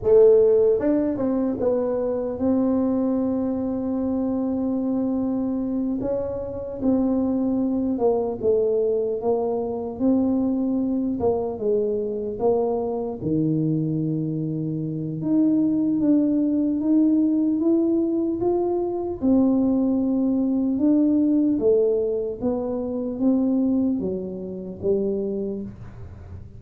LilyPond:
\new Staff \with { instrumentName = "tuba" } { \time 4/4 \tempo 4 = 75 a4 d'8 c'8 b4 c'4~ | c'2.~ c'8 cis'8~ | cis'8 c'4. ais8 a4 ais8~ | ais8 c'4. ais8 gis4 ais8~ |
ais8 dis2~ dis8 dis'4 | d'4 dis'4 e'4 f'4 | c'2 d'4 a4 | b4 c'4 fis4 g4 | }